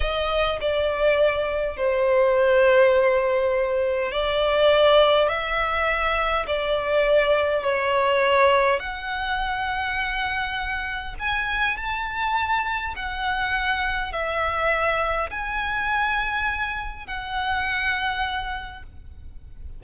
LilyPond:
\new Staff \with { instrumentName = "violin" } { \time 4/4 \tempo 4 = 102 dis''4 d''2 c''4~ | c''2. d''4~ | d''4 e''2 d''4~ | d''4 cis''2 fis''4~ |
fis''2. gis''4 | a''2 fis''2 | e''2 gis''2~ | gis''4 fis''2. | }